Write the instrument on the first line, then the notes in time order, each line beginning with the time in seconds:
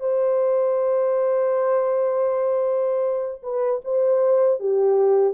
horn
0.00 C5
3.43 B4
3.85 C5
4.60 G4